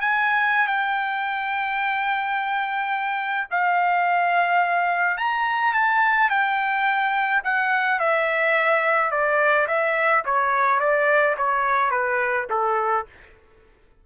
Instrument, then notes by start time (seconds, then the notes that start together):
trumpet
0.00 G#5
0.67 G5
3.50 F5
5.17 A#5
5.73 A5
6.30 G5
7.43 F#5
7.99 E5
9.11 D5
9.67 E5
10.25 C#5
10.79 D5
11.37 C#5
11.90 B4
12.50 A4